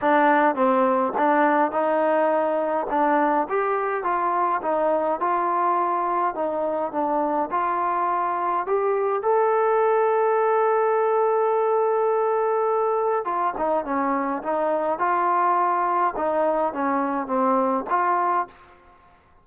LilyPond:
\new Staff \with { instrumentName = "trombone" } { \time 4/4 \tempo 4 = 104 d'4 c'4 d'4 dis'4~ | dis'4 d'4 g'4 f'4 | dis'4 f'2 dis'4 | d'4 f'2 g'4 |
a'1~ | a'2. f'8 dis'8 | cis'4 dis'4 f'2 | dis'4 cis'4 c'4 f'4 | }